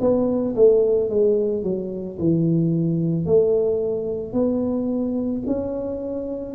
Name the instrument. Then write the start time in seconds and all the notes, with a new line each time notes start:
tuba
0.00 B3
0.55 A3
1.09 G#3
1.63 F#3
2.18 E3
3.25 A3
4.32 B3
5.46 C#4